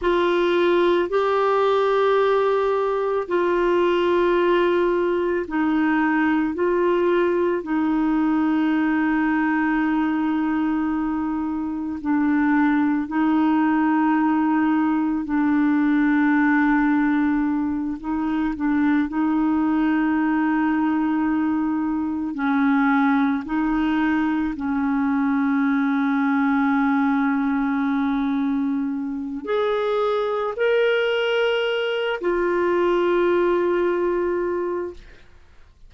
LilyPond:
\new Staff \with { instrumentName = "clarinet" } { \time 4/4 \tempo 4 = 55 f'4 g'2 f'4~ | f'4 dis'4 f'4 dis'4~ | dis'2. d'4 | dis'2 d'2~ |
d'8 dis'8 d'8 dis'2~ dis'8~ | dis'8 cis'4 dis'4 cis'4.~ | cis'2. gis'4 | ais'4. f'2~ f'8 | }